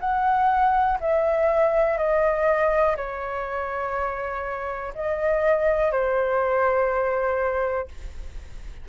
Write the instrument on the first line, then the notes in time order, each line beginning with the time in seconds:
flute
0.00 F#5
1.00 E5
1.98 D#5
2.96 C#5
4.95 D#5
5.91 C5